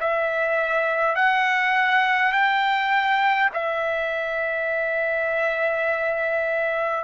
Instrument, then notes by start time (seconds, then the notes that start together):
trumpet
0.00 E5
1.16 F#5
2.32 G5
3.53 E5